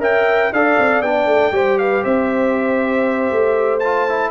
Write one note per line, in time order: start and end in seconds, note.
0.00 0.51 C#4
0.00 0.51 A#4
0.00 0.52 E5
0.00 0.53 G5
0.53 0.78 D4
0.53 1.04 A4
0.53 1.55 D5
0.53 1.02 F5
0.78 1.02 C4
1.02 1.26 B3
1.02 1.53 D4
1.02 1.78 G5
1.26 1.52 A3
1.52 2.03 G3
1.52 3.81 G4
1.52 1.80 C5
1.78 2.03 B4
1.78 2.04 F5
2.03 3.31 C4
2.03 4.31 C5
2.03 3.80 E5
3.31 4.31 A3
3.80 4.09 F4
3.80 4.31 A5
4.09 4.31 E4